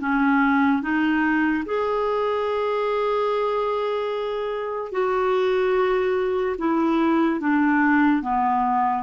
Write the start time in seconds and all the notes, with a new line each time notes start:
0.00 C#4
0.82 D#4
1.65 G#4
4.92 F#4
6.58 E4
7.40 D4
8.22 B3